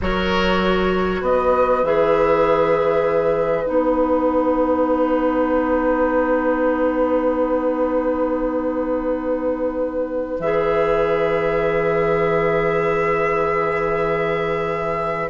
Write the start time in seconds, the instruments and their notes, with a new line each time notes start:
0.01 bassoon F#3, clarinet F#4, oboe A#4, flute C#5
1.20 bassoon B3, oboe B4, flute D#5
1.82 bassoon E3, clarinet G#4, flute E5
3.65 bassoon B3, clarinet D#4, flute F#5
10.39 bassoon E3, clarinet G#4, flute E5